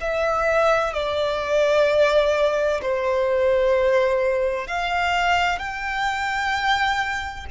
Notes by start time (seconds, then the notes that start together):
0.00 E5
0.93 D5
2.81 C5
4.67 F5
5.58 G5